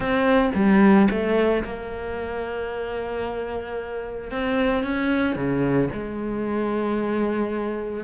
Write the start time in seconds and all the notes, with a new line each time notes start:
0.00 C4
0.55 G3
1.10 A3
1.63 A#3
4.31 C4
4.83 C#4
5.35 C#3
5.93 G#3